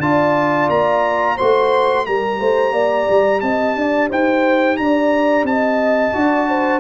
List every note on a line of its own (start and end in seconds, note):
0.00 0.68 D4
0.00 1.39 F4
0.00 1.37 D5
0.00 0.70 A5
0.69 1.37 A#3
0.69 1.38 A#5
1.37 2.08 A3
1.37 2.07 F#4
1.37 2.05 C5
1.37 2.06 C6
2.07 2.40 G3
2.07 6.13 G4
2.07 2.40 A#4
2.07 3.41 A#5
2.40 2.73 A3
2.40 2.74 C5
2.73 3.07 A#3
2.73 3.42 D5
3.10 3.42 G3
3.41 3.76 C4
3.41 3.78 D#5
3.41 4.09 A5
3.76 4.10 D4
3.76 4.10 D5
4.10 4.79 D#4
4.10 4.78 C5
4.10 4.77 G5
4.77 5.44 D4
4.77 5.49 D5
4.77 5.46 A#5
5.44 6.12 C4
5.44 6.17 D#5
5.44 6.80 A5
6.13 6.80 D4
6.13 6.80 F#4
6.13 6.50 D5
6.50 6.80 C5